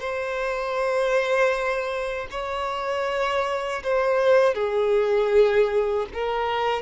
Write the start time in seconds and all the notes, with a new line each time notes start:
0.00 C5
2.31 C#5
3.84 C5
4.55 G#4
6.13 A#4